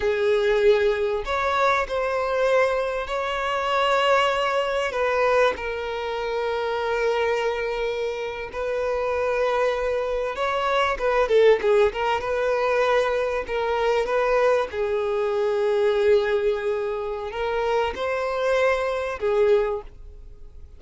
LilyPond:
\new Staff \with { instrumentName = "violin" } { \time 4/4 \tempo 4 = 97 gis'2 cis''4 c''4~ | c''4 cis''2. | b'4 ais'2.~ | ais'4.~ ais'16 b'2~ b'16~ |
b'8. cis''4 b'8 a'8 gis'8 ais'8 b'16~ | b'4.~ b'16 ais'4 b'4 gis'16~ | gis'1 | ais'4 c''2 gis'4 | }